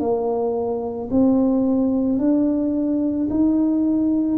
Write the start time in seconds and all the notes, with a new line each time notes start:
0.00 A#3
1.11 C4
2.19 D4
3.30 D#4